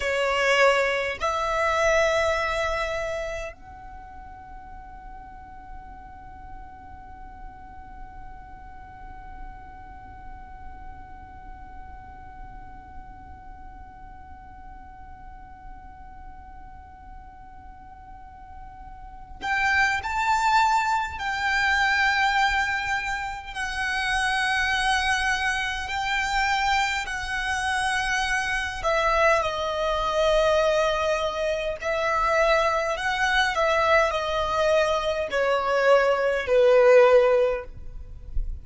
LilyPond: \new Staff \with { instrumentName = "violin" } { \time 4/4 \tempo 4 = 51 cis''4 e''2 fis''4~ | fis''1~ | fis''1~ | fis''1~ |
fis''8 g''8 a''4 g''2 | fis''2 g''4 fis''4~ | fis''8 e''8 dis''2 e''4 | fis''8 e''8 dis''4 cis''4 b'4 | }